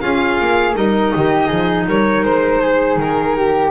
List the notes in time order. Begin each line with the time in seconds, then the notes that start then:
0.00 C#4 F4 G#4 F5
0.40 A#3
0.74 G3 D#4 A#4 D#5
1.15 D#3 G4
1.46 F3 G#4
1.86 G3 A#4 C#5
2.23 G#3 C5
2.61 G#4
2.96 D#3 A#4
3.36 G4